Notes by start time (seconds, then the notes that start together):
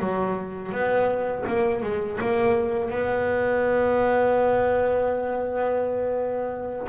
0.00 F#3
0.72 B3
1.48 A#3
1.83 G#3
2.20 A#3
2.90 B3